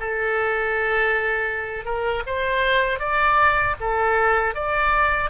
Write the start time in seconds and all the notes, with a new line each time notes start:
0.00 A4
1.85 A#4
2.26 C5
2.99 D5
3.80 A4
4.54 D5